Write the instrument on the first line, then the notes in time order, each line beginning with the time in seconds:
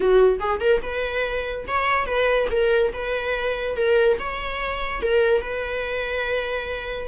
viola
0.00 F#4
0.39 G#4
0.60 A#4
0.82 B4
1.67 C#5
2.06 B4
2.50 A#4
2.93 B4
3.76 A#4
4.19 C#5
5.01 A#4
5.41 B4